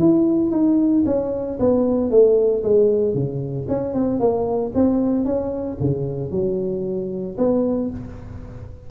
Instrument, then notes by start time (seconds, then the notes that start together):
tuba
0.00 E4
0.51 D#4
1.06 C#4
1.60 B3
2.11 A3
2.64 G#3
3.14 C#3
3.68 C#4
3.94 C4
4.20 A#3
4.75 C4
5.25 C#4
5.81 C#3
6.32 F#3
7.38 B3